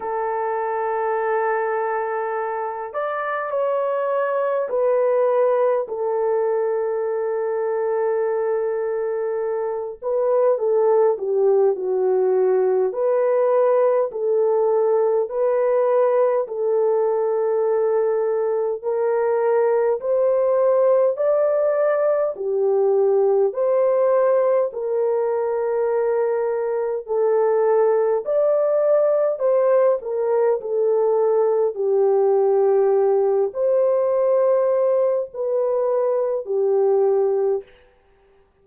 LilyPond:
\new Staff \with { instrumentName = "horn" } { \time 4/4 \tempo 4 = 51 a'2~ a'8 d''8 cis''4 | b'4 a'2.~ | a'8 b'8 a'8 g'8 fis'4 b'4 | a'4 b'4 a'2 |
ais'4 c''4 d''4 g'4 | c''4 ais'2 a'4 | d''4 c''8 ais'8 a'4 g'4~ | g'8 c''4. b'4 g'4 | }